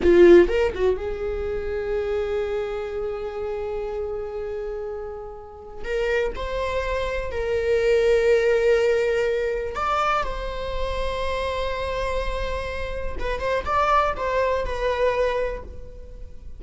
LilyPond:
\new Staff \with { instrumentName = "viola" } { \time 4/4 \tempo 4 = 123 f'4 ais'8 fis'8 gis'2~ | gis'1~ | gis'1 | ais'4 c''2 ais'4~ |
ais'1 | d''4 c''2.~ | c''2. b'8 c''8 | d''4 c''4 b'2 | }